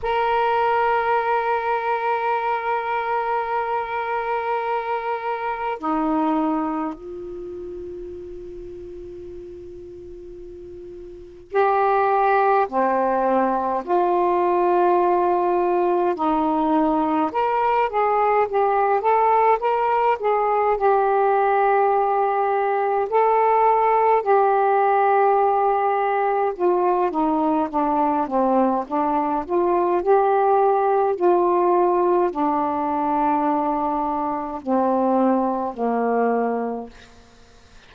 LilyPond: \new Staff \with { instrumentName = "saxophone" } { \time 4/4 \tempo 4 = 52 ais'1~ | ais'4 dis'4 f'2~ | f'2 g'4 c'4 | f'2 dis'4 ais'8 gis'8 |
g'8 a'8 ais'8 gis'8 g'2 | a'4 g'2 f'8 dis'8 | d'8 c'8 d'8 f'8 g'4 f'4 | d'2 c'4 ais4 | }